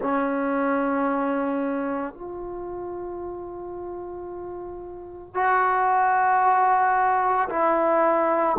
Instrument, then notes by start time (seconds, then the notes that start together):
trombone
0.01 C#4
2.13 F4
5.34 F#4
7.49 E4